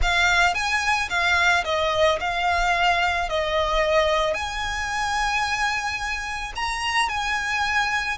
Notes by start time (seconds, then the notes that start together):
0.01 F5
0.54 G#5
1.09 F5
1.64 D#5
2.20 F5
3.29 D#5
4.34 G#5
6.55 A#5
7.08 G#5